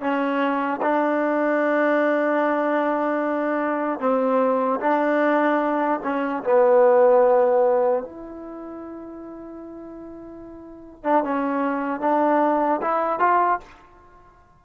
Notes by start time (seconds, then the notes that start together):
0.00 C#4
0.82 D4
4.00 C4
4.80 D4
6.03 C#4
6.43 B3
8.03 E4
11.03 D4
11.23 C#4
12.00 D4
12.81 E4
13.20 F4